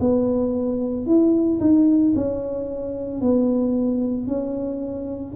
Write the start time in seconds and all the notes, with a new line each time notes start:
0.00 B3
1.06 E4
1.60 D#4
2.15 C#4
3.20 B3
4.27 C#4